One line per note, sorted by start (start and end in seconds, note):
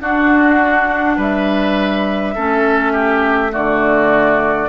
0.00 2.35 D4
0.00 1.18 D4
0.00 1.17 F#4
0.00 1.19 F#5
1.17 2.35 G3
1.17 2.34 B4
1.17 3.54 E5
2.35 3.54 A3
2.35 3.50 C#4
2.35 2.93 A4
2.93 3.51 G4
3.50 4.69 D3
3.50 4.68 A3
3.50 4.69 F#4
3.50 4.69 D5